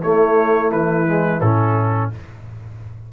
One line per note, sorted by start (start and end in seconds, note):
0.00 1.06 A3
0.00 0.71 A3
0.00 2.07 E4
0.00 0.71 C#5
0.71 1.40 E3
0.71 1.40 B4
1.06 1.41 G#3
1.40 2.09 A2
1.40 2.12 C#4
1.40 2.09 A4